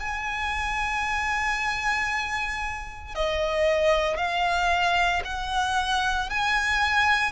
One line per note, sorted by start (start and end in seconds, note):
0.00 3.15 G#5
3.15 4.17 D#5
4.17 5.22 F5
5.25 6.30 F#5
6.30 7.33 G#5